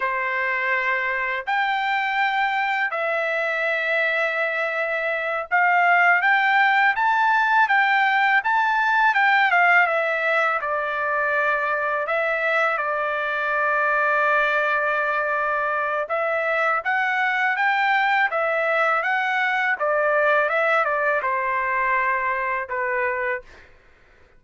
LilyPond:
\new Staff \with { instrumentName = "trumpet" } { \time 4/4 \tempo 4 = 82 c''2 g''2 | e''2.~ e''8 f''8~ | f''8 g''4 a''4 g''4 a''8~ | a''8 g''8 f''8 e''4 d''4.~ |
d''8 e''4 d''2~ d''8~ | d''2 e''4 fis''4 | g''4 e''4 fis''4 d''4 | e''8 d''8 c''2 b'4 | }